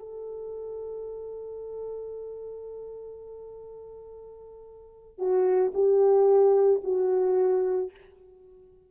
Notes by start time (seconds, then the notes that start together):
0.00 A4
5.19 F#4
5.75 G4
6.84 F#4